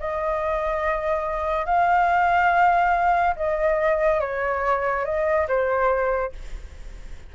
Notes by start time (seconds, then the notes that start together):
0.00 D#5
1.66 F5
3.36 D#5
4.21 C#5
5.05 D#5
5.48 C5